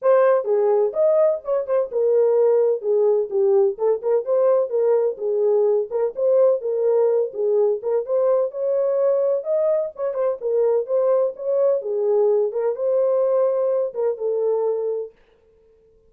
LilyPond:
\new Staff \with { instrumentName = "horn" } { \time 4/4 \tempo 4 = 127 c''4 gis'4 dis''4 cis''8 c''8 | ais'2 gis'4 g'4 | a'8 ais'8 c''4 ais'4 gis'4~ | gis'8 ais'8 c''4 ais'4. gis'8~ |
gis'8 ais'8 c''4 cis''2 | dis''4 cis''8 c''8 ais'4 c''4 | cis''4 gis'4. ais'8 c''4~ | c''4. ais'8 a'2 | }